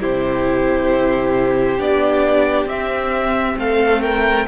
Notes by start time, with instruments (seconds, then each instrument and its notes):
0.00 cello C3, viola E4, violin G4 C5
1.79 cello B3, viola D4, violin D5
2.65 cello C4, viola C4, violin E5
3.57 cello A3, violin A4 F5
4.02 violin A#4 G5